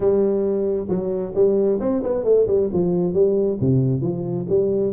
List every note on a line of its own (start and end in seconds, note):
0.00 0.87 G3
0.88 1.33 F#3
1.34 1.79 G3
1.80 2.02 C4
2.02 2.24 B3
2.24 2.46 A3
2.47 2.69 G3
2.73 3.13 F3
3.13 3.58 G3
3.60 4.01 C3
4.01 4.46 F3
4.49 4.93 G3